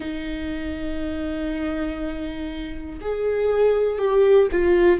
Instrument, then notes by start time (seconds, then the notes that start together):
viola
0.00 D#4
3.01 G#4
3.98 G4
4.51 F4